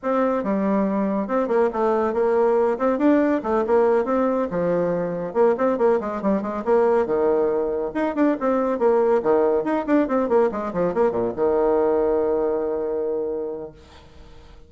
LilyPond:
\new Staff \with { instrumentName = "bassoon" } { \time 4/4 \tempo 4 = 140 c'4 g2 c'8 ais8 | a4 ais4. c'8 d'4 | a8 ais4 c'4 f4.~ | f8 ais8 c'8 ais8 gis8 g8 gis8 ais8~ |
ais8 dis2 dis'8 d'8 c'8~ | c'8 ais4 dis4 dis'8 d'8 c'8 | ais8 gis8 f8 ais8 ais,8 dis4.~ | dis1 | }